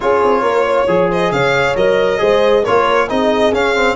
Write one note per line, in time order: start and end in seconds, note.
0.00 0.23 C#4
0.00 0.87 F4
0.00 0.42 G#4
0.00 1.11 C#5
0.23 0.42 C4
0.42 0.86 A#3
0.42 0.64 A#4
0.65 1.09 C#5
0.87 1.31 F3
0.87 1.75 G#4
1.09 1.31 C5
1.09 1.32 D#5
1.31 1.75 C#3
1.31 2.20 C#5
1.31 1.76 F5
1.75 2.20 F#3
1.75 2.18 A#4
1.75 2.64 D#5
2.18 2.65 G#3
2.18 2.62 G#4
2.18 2.63 C5
2.63 3.10 A#3
2.63 3.08 F4
2.63 3.07 A#4
2.63 3.08 C#5
3.08 3.52 C4
3.08 3.52 D#4
3.08 3.95 G#4
3.08 3.54 D#5
3.52 3.95 C#4
3.52 3.74 C#4
3.52 3.95 F5
3.74 3.95 C4